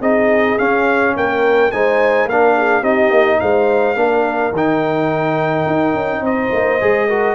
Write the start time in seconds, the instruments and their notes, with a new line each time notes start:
0.00 tuba C4, trombone D#4, horn G#4, trumpet D#5
0.58 trombone C#4, tuba C#4, trumpet F5
1.16 tuba A#3, horn A#4, trumpet G5
1.71 tuba G#3, trombone D#4, horn C5, trumpet G#5
2.25 tuba A#3, trombone D4, horn A#4, trumpet F5
2.56 horn G#4
2.80 tuba C4, trombone D#4, horn G4, trumpet D#5
3.10 tuba A#3
3.40 tuba G#3, horn C5, trumpet F5
3.95 tuba A#3, trombone D4, horn A#4
4.51 tuba D#3, trombone D#4, trumpet G5
5.66 tuba D#4
5.94 tuba C#4
6.21 tuba C4, horn C5, trumpet D#5
6.52 tuba A#3
6.80 tuba G#3, trombone G#4
7.08 trombone F#4, horn A#4